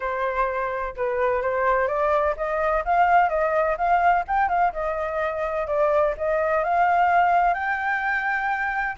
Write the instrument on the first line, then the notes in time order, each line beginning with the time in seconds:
flute
0.00 C5
0.96 B4
1.42 C5
1.87 D5
2.36 D#5
2.84 F5
3.29 D#5
3.77 F5
4.27 G5
4.48 F5
4.72 D#5
5.67 D5
6.17 D#5
6.64 F5
7.54 G5